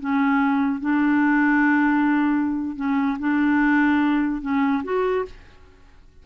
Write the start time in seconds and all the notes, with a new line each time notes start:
0.00 C#4
0.81 D4
2.76 C#4
3.19 D4
4.41 C#4
4.84 F#4